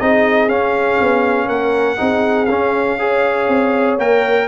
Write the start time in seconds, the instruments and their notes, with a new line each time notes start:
0.00 tuba C4, trombone D#4, horn G#4, trumpet D#5
0.49 tuba C#4, trombone C#4, trumpet F5
1.01 tuba B3
1.47 tuba A#3, horn A#4, trumpet F#5
1.97 tuba C4, trombone D#4, horn G#4
2.46 tuba C#4, trombone C#4, trumpet F5
2.99 trombone G#4, horn C#5
3.49 tuba C4
3.98 tuba A#3, trombone A#4, trumpet G5